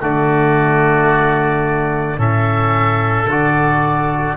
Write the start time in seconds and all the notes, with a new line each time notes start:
0.00 D3 A3 F#4 D5
2.17 A2 C#4 A4 E5
3.26 D3 F#4 D5